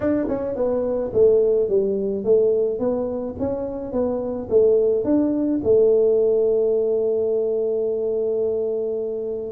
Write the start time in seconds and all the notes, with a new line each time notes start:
0.00 D4
0.28 C#4
0.55 B3
1.13 A3
1.68 G3
2.24 A3
2.79 B3
3.39 C#4
3.92 B3
4.49 A3
5.04 D4
5.63 A3